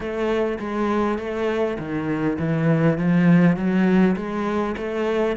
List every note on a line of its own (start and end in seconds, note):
0.00 0.58 A3
0.59 1.18 G#3
1.18 1.77 A3
1.78 2.38 D#3
2.38 2.97 E3
2.97 3.56 F3
3.56 4.15 F#3
4.16 4.75 G#3
4.77 5.36 A3